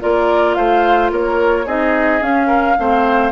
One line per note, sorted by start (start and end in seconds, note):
0.00 0.57 A#3
0.00 1.67 F4
0.00 0.57 A#4
0.00 0.55 D5
0.55 1.11 A3
0.55 1.12 C5
0.55 1.10 F5
1.11 1.67 A#3
1.11 1.66 A#4
1.11 1.68 C#5
1.66 2.22 C4
1.66 2.22 D#4
1.66 2.48 G#4
1.66 2.23 D#5
2.22 2.77 C#4
2.22 3.32 F5
2.48 2.75 A#4
2.78 3.32 A3
2.78 3.32 C4
2.78 3.32 C5